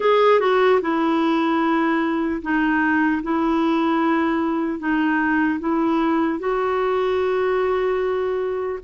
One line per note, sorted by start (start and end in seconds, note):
0.00 0.40 G#4
0.40 0.80 F#4
0.81 2.41 E4
2.41 3.21 D#4
3.23 4.79 E4
4.79 5.59 D#4
5.59 6.39 E4
6.39 8.79 F#4